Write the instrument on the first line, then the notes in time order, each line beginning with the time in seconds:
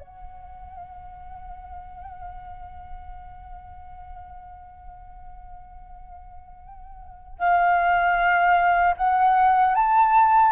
flute
0.00 F#5
7.38 F5
8.97 F#5
9.75 A5